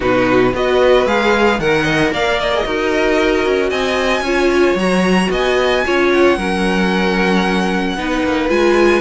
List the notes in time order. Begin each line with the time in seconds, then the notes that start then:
0.00 B2 D#4 F#4 B4
0.53 B3 F#4 B4 D#5
1.06 G#3 G#4 F5
1.59 D#3 A#4 F#5
1.84 D#5
2.11 A#3 D5 F5
2.39 D#5
2.54 G#4
2.65 D#4 F#4 A#4
3.45 C#4
3.69 C4 D#5 G#5
4.21 C#4 F4 C#5
4.74 F#3 F#4 A#5
5.30 B3 D#5 G#5
5.85 C#4 F4 C#5
6.11 F#5
6.37 F#3 C#4 A#4
7.96 B3 D#4 B4
8.23 A#3
8.49 G#3 F4 G#5